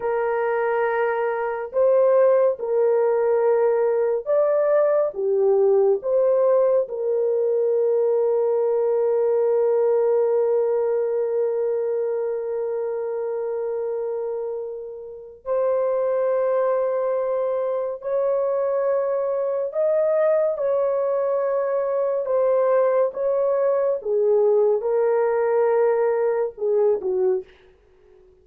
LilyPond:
\new Staff \with { instrumentName = "horn" } { \time 4/4 \tempo 4 = 70 ais'2 c''4 ais'4~ | ais'4 d''4 g'4 c''4 | ais'1~ | ais'1~ |
ais'2 c''2~ | c''4 cis''2 dis''4 | cis''2 c''4 cis''4 | gis'4 ais'2 gis'8 fis'8 | }